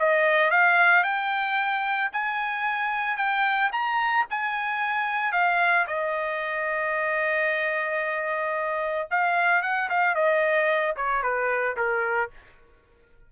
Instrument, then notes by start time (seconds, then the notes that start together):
trumpet
0.00 D#5
0.51 F5
1.04 G5
2.13 G#5
3.18 G5
3.73 A#5
4.31 G#5
5.33 F5
5.87 D#5
9.11 F5
9.63 F#5
9.90 F5
10.16 D#5
10.97 C#5
11.23 B4
11.77 A#4